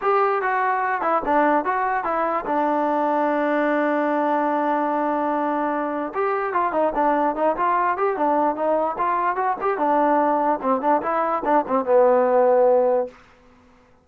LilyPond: \new Staff \with { instrumentName = "trombone" } { \time 4/4 \tempo 4 = 147 g'4 fis'4. e'8 d'4 | fis'4 e'4 d'2~ | d'1~ | d'2. g'4 |
f'8 dis'8 d'4 dis'8 f'4 g'8 | d'4 dis'4 f'4 fis'8 g'8 | d'2 c'8 d'8 e'4 | d'8 c'8 b2. | }